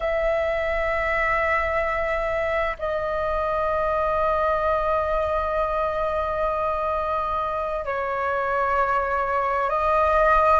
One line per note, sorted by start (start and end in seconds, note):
0.00 2.77 E5
2.79 7.85 D#5
7.85 9.69 C#5
9.69 10.60 D#5